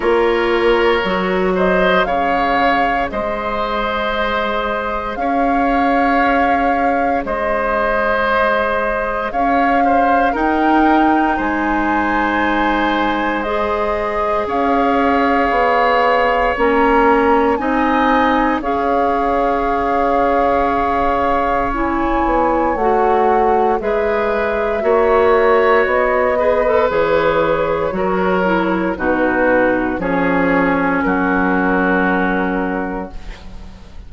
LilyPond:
<<
  \new Staff \with { instrumentName = "flute" } { \time 4/4 \tempo 4 = 58 cis''4. dis''8 f''4 dis''4~ | dis''4 f''2 dis''4~ | dis''4 f''4 g''4 gis''4~ | gis''4 dis''4 f''2 |
ais''4 gis''4 f''2~ | f''4 gis''4 fis''4 e''4~ | e''4 dis''4 cis''2 | b'4 cis''4 ais'2 | }
  \new Staff \with { instrumentName = "oboe" } { \time 4/4 ais'4. c''8 cis''4 c''4~ | c''4 cis''2 c''4~ | c''4 cis''8 c''8 ais'4 c''4~ | c''2 cis''2~ |
cis''4 dis''4 cis''2~ | cis''2. b'4 | cis''4. b'4. ais'4 | fis'4 gis'4 fis'2 | }
  \new Staff \with { instrumentName = "clarinet" } { \time 4/4 f'4 fis'4 gis'2~ | gis'1~ | gis'2 dis'2~ | dis'4 gis'2. |
cis'4 dis'4 gis'2~ | gis'4 e'4 fis'4 gis'4 | fis'4. gis'16 a'16 gis'4 fis'8 e'8 | dis'4 cis'2. | }
  \new Staff \with { instrumentName = "bassoon" } { \time 4/4 ais4 fis4 cis4 gis4~ | gis4 cis'2 gis4~ | gis4 cis'4 dis'4 gis4~ | gis2 cis'4 b4 |
ais4 c'4 cis'2~ | cis'4. b8 a4 gis4 | ais4 b4 e4 fis4 | b,4 f4 fis2 | }
>>